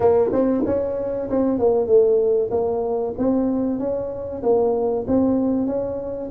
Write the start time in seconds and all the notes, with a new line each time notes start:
0.00 A#3
0.32 C4
0.65 C#4
1.29 C4
1.58 A#3
1.87 A3
2.51 A#3
3.18 C4
3.79 C#4
4.42 A#3
5.07 C4
5.67 C#4